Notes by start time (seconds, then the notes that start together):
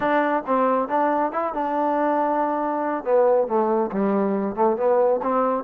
0.00 D4
0.46 C4
0.88 D4
1.32 E4
1.53 D4
3.04 B3
3.47 A3
3.92 G3
4.55 A3
4.76 B3
5.22 C4